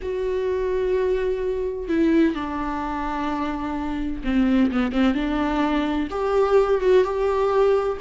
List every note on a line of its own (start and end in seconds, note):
0.01 1.88 F#4
1.88 2.34 E4
2.34 4.22 D4
4.23 4.70 C4
4.71 4.92 B3
4.92 5.14 C4
5.14 6.08 D4
6.10 6.80 G4
6.80 7.04 F#4
7.04 7.97 G4